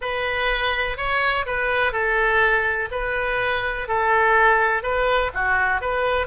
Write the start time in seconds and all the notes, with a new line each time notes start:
0.01 B4
0.97 C#5
1.46 B4
1.92 A4
2.91 B4
3.88 A4
4.83 B4
5.34 F#4
5.81 B4